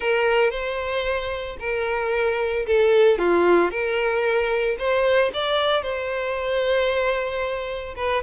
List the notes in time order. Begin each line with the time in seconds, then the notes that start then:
0.00 A#4
0.50 C5
1.59 A#4
2.66 A4
3.18 F4
3.70 A#4
4.78 C5
5.33 D5
5.82 C5
7.96 B4